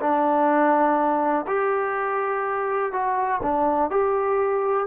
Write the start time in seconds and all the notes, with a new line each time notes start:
0.00 D4
1.47 G4
2.92 F#4
3.42 D4
3.90 G4